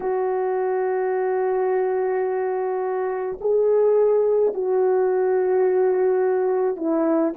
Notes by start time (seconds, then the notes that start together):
0.00 F#4
3.41 G#4
4.53 F#4
6.76 E4